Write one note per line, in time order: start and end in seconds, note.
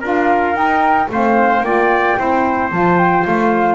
0.00 0.54 D4
0.00 0.54 F4
0.00 1.07 A#4
0.00 0.55 F5
0.54 1.07 D#4
0.54 1.08 D#4
0.54 1.09 G5
1.09 1.60 A3
1.09 1.65 C4
1.09 1.65 C5
1.09 1.63 F5
1.60 2.14 A#3
1.60 2.16 F4
1.60 2.18 D5
1.60 2.70 G5
2.16 2.72 C4
2.16 2.70 E4
2.16 3.75 C5
2.71 3.25 F3
2.71 3.75 F4
2.71 2.98 A5
2.98 3.25 G5
3.26 3.75 A3
3.26 3.75 F5